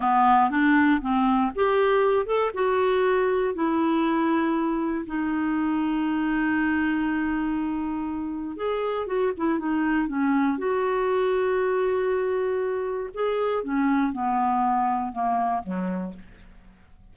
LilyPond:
\new Staff \with { instrumentName = "clarinet" } { \time 4/4 \tempo 4 = 119 b4 d'4 c'4 g'4~ | g'8 a'8 fis'2 e'4~ | e'2 dis'2~ | dis'1~ |
dis'4 gis'4 fis'8 e'8 dis'4 | cis'4 fis'2.~ | fis'2 gis'4 cis'4 | b2 ais4 fis4 | }